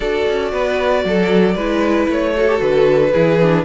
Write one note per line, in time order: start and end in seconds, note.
0.00 0.26 D4
0.00 1.57 F#4
0.00 0.52 A4
0.00 2.09 D5
0.28 0.52 C#4
0.52 1.04 B3
0.52 1.04 B4
1.04 1.55 F#3
1.04 1.55 A4
1.55 2.07 G#3
1.55 2.36 E4
1.55 2.33 B4
2.07 2.60 A3
2.07 2.60 C#5
2.36 2.47 F#4
2.36 3.12 A4
2.47 2.57 G4
2.57 3.13 D3
2.57 3.09 F#4
2.57 3.64 B4
3.12 3.64 E3
3.12 3.39 E4
3.12 3.64 G#4
3.42 3.64 D4